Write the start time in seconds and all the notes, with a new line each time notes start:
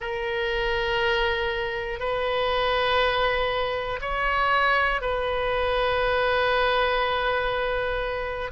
0.00 A#4
1.99 B4
4.01 C#5
5.01 B4